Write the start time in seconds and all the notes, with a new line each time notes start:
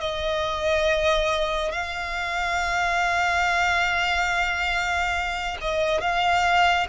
0.00 D#5
1.71 F5
5.61 D#5
6.01 F5